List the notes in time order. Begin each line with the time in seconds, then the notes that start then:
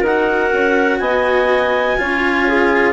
0.00 D#4 A#4 F#5
0.06 F#4
0.52 C#4
0.98 B3 D#5 G#5
1.97 C#4 F4 C#5
2.48 G#4